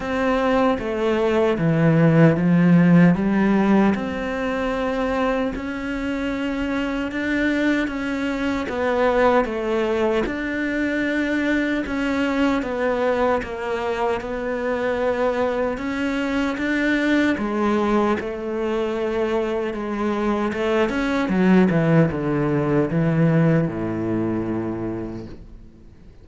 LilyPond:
\new Staff \with { instrumentName = "cello" } { \time 4/4 \tempo 4 = 76 c'4 a4 e4 f4 | g4 c'2 cis'4~ | cis'4 d'4 cis'4 b4 | a4 d'2 cis'4 |
b4 ais4 b2 | cis'4 d'4 gis4 a4~ | a4 gis4 a8 cis'8 fis8 e8 | d4 e4 a,2 | }